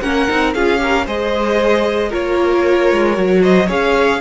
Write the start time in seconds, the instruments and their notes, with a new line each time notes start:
0.00 cello A#3, viola C#4, violin A#4 F#5
0.28 cello C4, viola D#4
0.54 cello C#4, viola F4, violin G#4 F5
0.78 viola G4, violin A#4
1.05 cello G#3, viola G#4, violin C5 D#5
2.09 cello A#3, viola F4, violin A#4 C#5
2.91 cello G#3
3.14 cello F#3, viola F#4
3.41 violin C5 D#5
3.67 cello C#4, viola G#4, violin C#5 F5